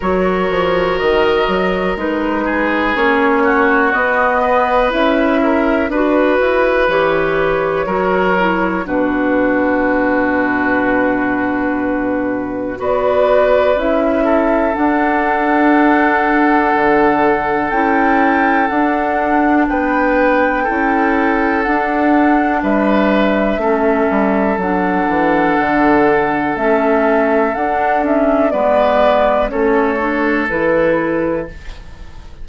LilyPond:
<<
  \new Staff \with { instrumentName = "flute" } { \time 4/4 \tempo 4 = 61 cis''4 dis''4 b'4 cis''4 | dis''4 e''4 b'4 cis''4~ | cis''4 b'2.~ | b'4 d''4 e''4 fis''4~ |
fis''2 g''4 fis''4 | g''2 fis''4 e''4~ | e''4 fis''2 e''4 | fis''8 e''8 d''4 cis''4 b'4 | }
  \new Staff \with { instrumentName = "oboe" } { \time 4/4 ais'2~ ais'8 gis'4 fis'8~ | fis'8 b'4 ais'8 b'2 | ais'4 fis'2.~ | fis'4 b'4. a'4.~ |
a'1 | b'4 a'2 b'4 | a'1~ | a'4 b'4 a'2 | }
  \new Staff \with { instrumentName = "clarinet" } { \time 4/4 fis'2 dis'4 cis'4 | b4 e'4 fis'4 g'4 | fis'8 e'8 d'2.~ | d'4 fis'4 e'4 d'4~ |
d'2 e'4 d'4~ | d'4 e'4 d'2 | cis'4 d'2 cis'4 | d'8 cis'8 b4 cis'8 d'8 e'4 | }
  \new Staff \with { instrumentName = "bassoon" } { \time 4/4 fis8 f8 dis8 fis8 gis4 ais4 | b4 cis'4 d'8 e'8 e4 | fis4 b,2.~ | b,4 b4 cis'4 d'4~ |
d'4 d4 cis'4 d'4 | b4 cis'4 d'4 g4 | a8 g8 fis8 e8 d4 a4 | d'4 gis4 a4 e4 | }
>>